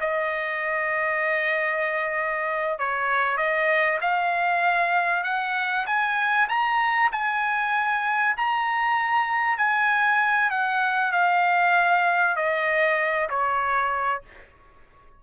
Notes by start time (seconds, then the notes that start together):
0.00 D#5
2.79 C#5
3.37 D#5
4.01 F5
5.23 F#5
5.86 G#5
6.48 A#5
7.12 G#5
8.37 A#5
9.57 G#5
10.50 F#5
11.12 F5
12.36 D#5
13.29 C#5